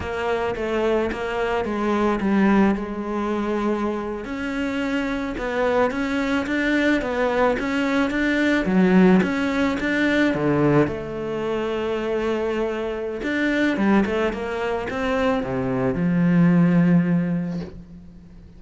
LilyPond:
\new Staff \with { instrumentName = "cello" } { \time 4/4 \tempo 4 = 109 ais4 a4 ais4 gis4 | g4 gis2~ gis8. cis'16~ | cis'4.~ cis'16 b4 cis'4 d'16~ | d'8. b4 cis'4 d'4 fis16~ |
fis8. cis'4 d'4 d4 a16~ | a1 | d'4 g8 a8 ais4 c'4 | c4 f2. | }